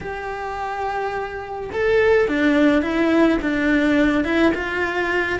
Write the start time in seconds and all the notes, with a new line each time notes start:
0.00 G4
1.72 A4
2.28 D4
2.81 E4
3.41 D4
4.24 E4
4.54 F4